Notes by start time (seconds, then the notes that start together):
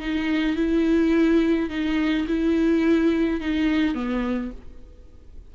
0.00 D#4
0.56 E4
1.70 D#4
2.27 E4
3.40 D#4
3.95 B3